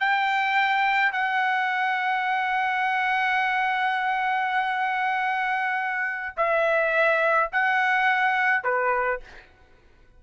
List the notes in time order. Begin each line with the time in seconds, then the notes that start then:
0.00 G5
1.13 F#5
6.38 E5
7.53 F#5
8.64 B4